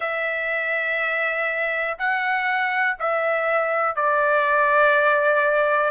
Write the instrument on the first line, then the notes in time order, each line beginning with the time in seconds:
trumpet
0.00 E5
1.98 F#5
2.99 E5
3.95 D5